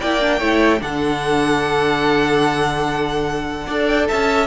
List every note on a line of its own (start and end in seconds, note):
0.00 0.40 A#3
0.00 0.20 E4
0.00 0.39 D5
0.00 0.81 G5
0.20 0.40 D4
0.39 0.81 A3
0.39 0.79 E4
0.39 0.79 C#5
0.79 3.67 D3
0.79 3.64 D4
0.79 3.67 A4
0.79 3.87 F#5
3.67 4.08 D4
3.67 4.47 A4
3.67 4.07 D5
3.87 4.07 G5
4.08 4.47 C#4
4.08 4.47 E5
4.08 4.47 A5